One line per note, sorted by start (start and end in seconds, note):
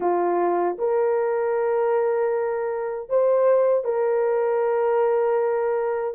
0.00 0.77 F4
0.78 3.09 A#4
3.09 3.84 C5
3.84 6.14 A#4